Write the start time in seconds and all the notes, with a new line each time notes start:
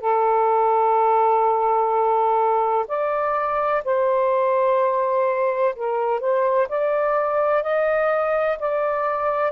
0.00 A4
2.87 D5
3.84 C5
5.75 A#4
6.20 C5
6.68 D5
7.63 D#5
8.58 D5